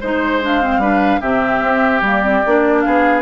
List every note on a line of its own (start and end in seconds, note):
0.00 0.77 G#3
0.00 0.41 D#4
0.00 0.81 C5
0.00 0.42 C5
0.41 0.61 D4
0.41 1.21 F5
0.61 0.81 C4
0.77 1.18 G3
0.77 1.21 D4
0.77 1.20 B4
1.20 1.61 C3
1.20 2.02 C4
1.20 2.82 G4
1.20 2.02 E5
1.61 2.01 C4
2.01 2.41 G3
2.01 2.23 A#3
2.01 2.81 D5
2.23 2.43 C4
2.46 2.85 A#3
2.46 3.22 D4
2.81 3.22 B3
2.81 3.22 G#4
2.81 3.21 F5